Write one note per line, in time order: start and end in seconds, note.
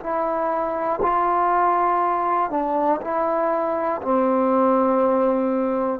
0.00 1.00 E4
1.02 2.50 F4
2.50 3.00 D4
3.01 4.01 E4
4.02 6.00 C4